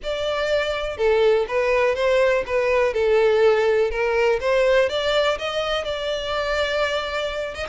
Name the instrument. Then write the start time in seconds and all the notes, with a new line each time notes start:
violin
0.03 D5
0.97 A4
1.48 B4
1.95 C5
2.46 B4
2.93 A4
3.90 A#4
4.40 C5
4.89 D5
5.38 D#5
5.84 D5
7.54 D#5